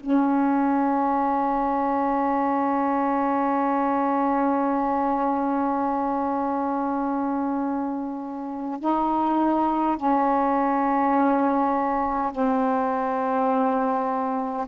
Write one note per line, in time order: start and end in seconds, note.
0.00 8.80 C#4
8.80 9.97 D#4
9.97 12.32 C#4
12.32 14.67 C4